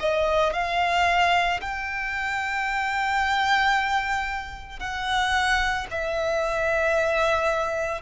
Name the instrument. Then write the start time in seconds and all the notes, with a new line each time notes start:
violin
0.00 D#5
0.54 F5
1.61 G5
4.80 F#5
5.91 E5